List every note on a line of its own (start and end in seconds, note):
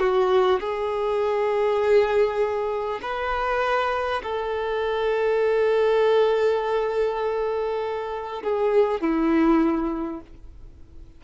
0.00 0.60 F#4
0.61 3.01 G#4
3.02 4.22 B4
4.23 8.43 A4
8.44 9.01 G#4
9.01 10.21 E4